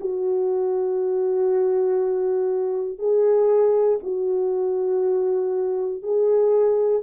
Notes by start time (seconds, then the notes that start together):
0.00 F#4
2.99 G#4
4.03 F#4
6.03 G#4